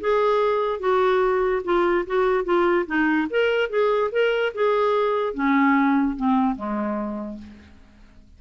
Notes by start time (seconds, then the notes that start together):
0.00 G#4
0.79 F#4
1.64 F4
2.06 F#4
2.44 F4
2.86 D#4
3.30 A#4
3.69 G#4
4.11 A#4
4.54 G#4
5.34 C#4
6.16 C4
6.55 G#3